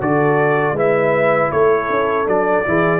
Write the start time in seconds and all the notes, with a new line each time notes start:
0.00 D3 F#4 A4 D5
0.72 G#3 E4 B4
0.78 E5
1.51 A3 A4 C#5
1.89 C#4
2.26 F#3 D4 D5
2.64 E3 E4 G#4